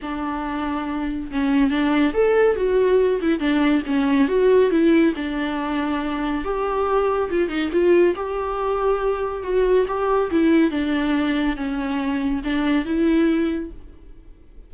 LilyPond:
\new Staff \with { instrumentName = "viola" } { \time 4/4 \tempo 4 = 140 d'2. cis'4 | d'4 a'4 fis'4. e'8 | d'4 cis'4 fis'4 e'4 | d'2. g'4~ |
g'4 f'8 dis'8 f'4 g'4~ | g'2 fis'4 g'4 | e'4 d'2 cis'4~ | cis'4 d'4 e'2 | }